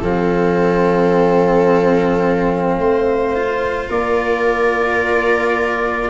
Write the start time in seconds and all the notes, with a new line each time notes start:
0.00 F3 C4 A4 F5
2.77 A3 C5
3.35 F4
3.89 A#3 A#4 D5